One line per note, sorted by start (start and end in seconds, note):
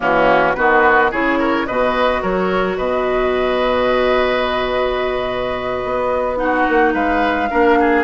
0.00 0.56 E3
0.00 0.54 A#3
0.00 0.56 C#4
0.00 0.55 F#4
0.55 1.12 D#3
0.55 1.12 B3
0.55 1.11 F#4
0.55 1.10 B4
1.11 1.68 C#3
1.11 1.67 E4
1.11 1.38 G#4
1.11 1.66 C#5
1.38 1.66 A#4
1.66 2.22 B2
1.66 6.36 F#4
1.66 2.22 B4
1.66 2.22 D#5
2.22 2.77 F#3
2.22 2.77 A#4
2.22 2.78 C#5
2.77 5.83 B2
2.77 6.38 B4
2.77 6.37 D#5
5.84 6.67 B3
6.36 7.47 D#4
6.36 6.93 F#4
6.36 6.93 F#5
6.68 6.94 A#3
6.93 7.49 G#3
6.93 7.49 B4
6.93 8.04 F5
7.50 8.04 A#3
7.50 8.04 D4
7.50 7.78 A#4
7.80 8.04 G#4